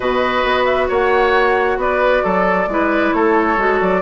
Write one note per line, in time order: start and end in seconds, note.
0.00 0.43 B2
0.00 2.68 F#4
0.00 0.87 B4
0.00 0.65 D#5
0.44 0.89 B3
0.65 0.87 E5
0.88 1.77 A#3
0.88 1.77 C#5
0.88 1.80 F#5
1.77 2.22 B3
1.77 2.23 B4
1.77 3.13 D5
2.23 2.67 F#3
2.23 2.68 A4
2.67 3.11 G#3
2.67 3.57 E4
2.67 3.15 B4
3.13 3.57 A3
3.13 4.01 A4
3.13 3.80 C#5
3.57 3.80 G#3
3.57 4.01 F#4
3.80 4.01 F#3
3.80 4.01 D5